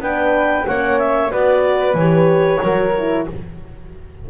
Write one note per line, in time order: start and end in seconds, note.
0.00 0.65 B3
0.00 0.65 D4
0.00 0.66 B4
0.00 0.66 G5
0.66 1.32 A#3
0.66 1.31 C#4
0.66 1.31 C#5
0.66 0.98 F#5
0.98 1.31 E5
1.31 1.94 B3
1.31 1.95 F#4
1.31 2.60 B4
1.31 1.96 D5
1.94 2.58 E3
1.94 2.60 G4
1.94 3.25 C#5
2.60 3.26 F#3
2.60 2.93 F#4
2.60 3.27 A#4
2.97 3.30 E4